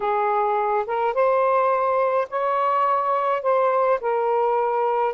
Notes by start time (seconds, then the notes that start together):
0.00 G#4
0.86 A#4
1.14 C5
2.29 C#5
3.42 C5
4.01 A#4